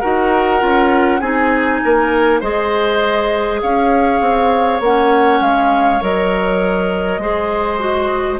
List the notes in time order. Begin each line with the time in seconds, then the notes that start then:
0.00 D#4 F#4 A#4 F#5
0.60 C#4 F4
1.20 C4 D#4 G#4 G#5
1.85 A#3 A#4
2.41 G#3 G#4 C5 D#5
3.62 C#4 C#5 F5
4.21 C4
4.80 A#3 C#4 F#5
5.41 G#3 F5
6.01 F#3 A#4 D#5
7.19 G#3 G#4 C5
7.79 F#4